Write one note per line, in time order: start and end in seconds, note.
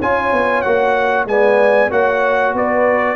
0.00 0.32 C#4
0.00 0.64 F4
0.00 1.27 C#5
0.00 0.61 G#5
0.32 0.64 B3
0.61 1.25 A#3
0.61 1.27 F#4
0.61 1.24 F#5
1.25 1.88 G#3
1.25 1.90 B3
1.25 1.91 D5
1.25 1.91 G#5
1.90 2.53 A#3
1.90 3.16 F#4
1.90 2.54 C#5
1.90 2.55 F#5
2.53 3.16 B3
2.53 3.16 B4
2.53 3.16 D5